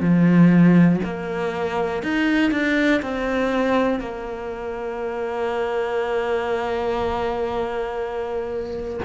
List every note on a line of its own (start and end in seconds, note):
0.00 1.00 F3
1.04 2.02 A#3
2.02 2.51 D#4
2.51 3.01 D4
3.02 4.00 C4
4.00 9.00 A#3